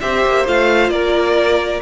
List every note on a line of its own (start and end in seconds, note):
0.00 0.26 C4
0.00 0.45 G4
0.00 0.92 C5
0.00 0.45 E5
0.26 0.47 A#3
0.45 0.89 A3
0.45 1.82 F4
0.45 0.89 F5
0.89 1.80 A#3
0.89 1.82 A#4
0.89 1.80 D5